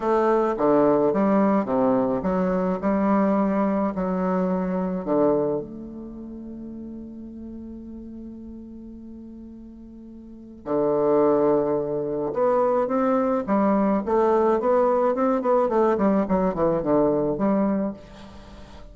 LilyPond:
\new Staff \with { instrumentName = "bassoon" } { \time 4/4 \tempo 4 = 107 a4 d4 g4 c4 | fis4 g2 fis4~ | fis4 d4 a2~ | a1~ |
a2. d4~ | d2 b4 c'4 | g4 a4 b4 c'8 b8 | a8 g8 fis8 e8 d4 g4 | }